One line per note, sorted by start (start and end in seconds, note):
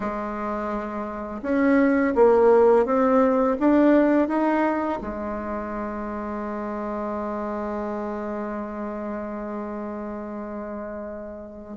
0.00 1.41 G#3
1.42 2.14 C#4
2.15 2.85 A#3
2.85 3.56 C4
3.59 4.28 D4
4.28 4.99 D#4
5.01 11.77 G#3